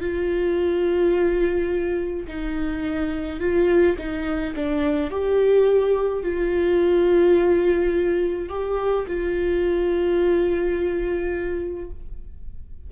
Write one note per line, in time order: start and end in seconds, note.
0.00 2.26 F4
2.27 3.40 D#4
3.40 3.96 F4
3.98 4.54 D#4
4.55 5.10 D4
5.10 6.22 G4
6.22 8.49 F4
8.49 9.06 G4
9.07 11.90 F4